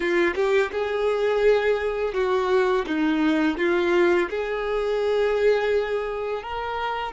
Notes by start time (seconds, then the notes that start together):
0.00 F4
0.35 G4
0.71 G#4
2.13 F#4
2.86 D#4
3.57 F4
4.30 G#4
6.43 A#4